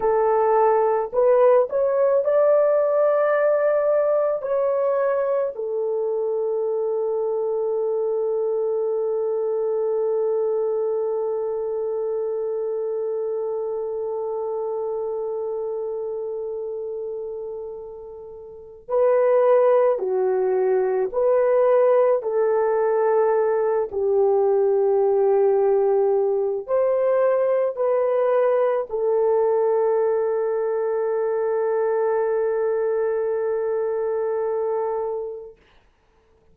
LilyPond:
\new Staff \with { instrumentName = "horn" } { \time 4/4 \tempo 4 = 54 a'4 b'8 cis''8 d''2 | cis''4 a'2.~ | a'1~ | a'1~ |
a'4 b'4 fis'4 b'4 | a'4. g'2~ g'8 | c''4 b'4 a'2~ | a'1 | }